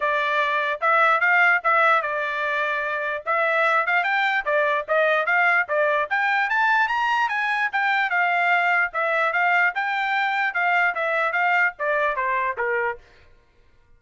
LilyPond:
\new Staff \with { instrumentName = "trumpet" } { \time 4/4 \tempo 4 = 148 d''2 e''4 f''4 | e''4 d''2. | e''4. f''8 g''4 d''4 | dis''4 f''4 d''4 g''4 |
a''4 ais''4 gis''4 g''4 | f''2 e''4 f''4 | g''2 f''4 e''4 | f''4 d''4 c''4 ais'4 | }